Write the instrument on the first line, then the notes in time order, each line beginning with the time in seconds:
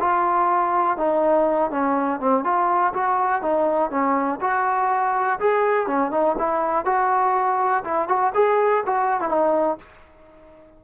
trombone
0.00 F4
0.97 D#4
1.71 C#4
2.20 C4
2.44 F4
2.94 F#4
3.42 D#4
3.91 C#4
4.41 F#4
5.40 G#4
5.87 C#4
6.11 D#4
6.38 E4
6.85 F#4
7.84 E4
8.08 F#4
8.35 G#4
8.86 F#4
9.21 E4
9.29 D#4